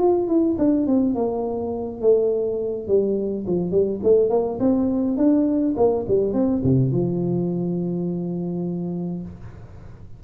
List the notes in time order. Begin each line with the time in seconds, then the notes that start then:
0.00 F4
0.28 E4
0.59 D4
0.87 C4
1.15 A#3
2.02 A3
2.88 G3
3.47 F3
3.72 G3
4.04 A3
4.30 A#3
4.60 C4
5.18 D4
5.77 A#3
6.08 G3
6.34 C4
6.64 C3
6.92 F3